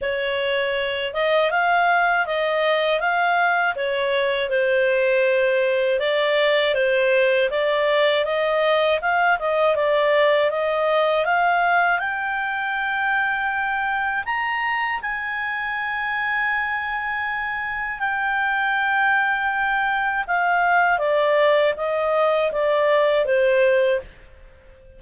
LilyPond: \new Staff \with { instrumentName = "clarinet" } { \time 4/4 \tempo 4 = 80 cis''4. dis''8 f''4 dis''4 | f''4 cis''4 c''2 | d''4 c''4 d''4 dis''4 | f''8 dis''8 d''4 dis''4 f''4 |
g''2. ais''4 | gis''1 | g''2. f''4 | d''4 dis''4 d''4 c''4 | }